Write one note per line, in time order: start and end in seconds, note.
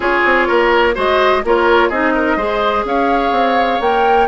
0.00 0.21 C#4
0.00 0.94 F4
0.00 0.47 G#4
0.00 0.96 C#5
0.24 0.48 C4
0.47 0.97 A#3
0.47 0.94 A#4
0.94 1.44 G#3
0.94 1.42 F#4
0.94 1.42 C5
0.94 1.44 D#5
1.44 1.90 A#3
1.44 1.92 F4
1.44 1.89 A#4
1.44 1.89 C#5
1.89 2.36 C4
1.89 2.38 D#4
1.89 2.13 G#4
1.89 2.84 D#5
2.15 2.37 A#4
2.36 2.84 G#3
2.36 3.81 G#4
2.36 2.84 C5
2.84 3.31 C#4
2.84 4.28 C#5
2.84 3.81 F5
3.31 3.79 C4
3.80 4.27 A#3
3.80 4.28 A#4
3.80 4.28 G5